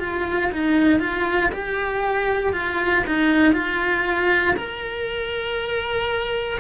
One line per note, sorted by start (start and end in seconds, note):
0.00 0.51 F4
0.52 1.00 D#4
1.00 1.51 F4
1.52 2.53 G4
2.53 3.04 F4
3.07 3.53 D#4
3.53 4.55 F4
4.56 6.60 A#4